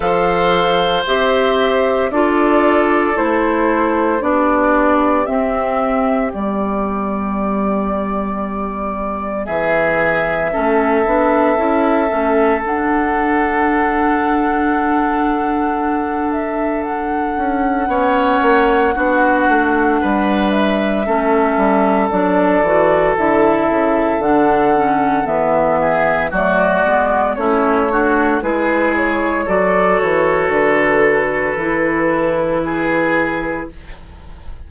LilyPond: <<
  \new Staff \with { instrumentName = "flute" } { \time 4/4 \tempo 4 = 57 f''4 e''4 d''4 c''4 | d''4 e''4 d''2~ | d''4 e''2. | fis''2.~ fis''8 e''8 |
fis''2.~ fis''8 e''8~ | e''4 d''4 e''4 fis''4 | e''4 d''4 cis''4 b'8 cis''8 | d''8 cis''8 b'2. | }
  \new Staff \with { instrumentName = "oboe" } { \time 4/4 c''2 a'2 | g'1~ | g'4 gis'4 a'2~ | a'1~ |
a'4 cis''4 fis'4 b'4 | a'1~ | a'8 gis'8 fis'4 e'8 fis'8 gis'4 | a'2. gis'4 | }
  \new Staff \with { instrumentName = "clarinet" } { \time 4/4 a'4 g'4 f'4 e'4 | d'4 c'4 b2~ | b2 cis'8 d'8 e'8 cis'8 | d'1~ |
d'4 cis'4 d'2 | cis'4 d'8 fis'8 e'4 d'8 cis'8 | b4 a8 b8 cis'8 d'8 e'4 | fis'2 e'2 | }
  \new Staff \with { instrumentName = "bassoon" } { \time 4/4 f4 c'4 d'4 a4 | b4 c'4 g2~ | g4 e4 a8 b8 cis'8 a8 | d'1~ |
d'8 cis'8 b8 ais8 b8 a8 g4 | a8 g8 fis8 e8 d8 cis8 d4 | e4 fis8 gis8 a4 gis4 | fis8 e8 d4 e2 | }
>>